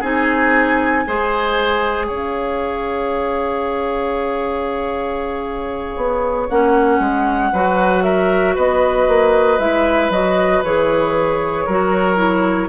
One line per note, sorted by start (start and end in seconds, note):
0.00 1.06 C4
0.00 1.06 D#4
0.00 1.03 G#4
0.00 2.09 G#5
1.06 2.09 G#3
1.06 6.50 G#4
1.06 2.07 C5
2.07 5.96 C#4
2.07 7.50 C#5
2.07 6.48 F5
5.96 6.48 B3
6.48 6.99 A#3
6.48 7.53 C#4
6.48 8.03 F#5
6.99 7.51 G#3
7.52 8.56 F#3
7.52 9.60 F#4
7.52 8.03 B4
8.03 8.55 A#4
8.03 8.55 E5
8.55 9.08 B3
8.55 11.65 B4
8.55 9.59 D#5
9.08 9.59 A#3
9.59 10.10 G#3
9.59 10.11 E4
9.59 10.11 E5
10.10 10.61 F#3
10.10 10.63 F#4
10.10 10.63 D#5
10.63 11.67 E3
10.63 11.69 G#4
10.63 12.69 C#5
11.66 12.69 F#3
11.66 12.16 F#4
11.66 12.69 A#4
12.16 12.68 E4